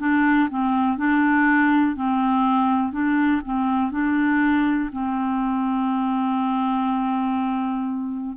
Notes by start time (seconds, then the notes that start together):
0.00 D4
0.50 C4
0.98 D4
1.96 C4
2.93 D4
3.45 C4
3.92 D4
4.93 C4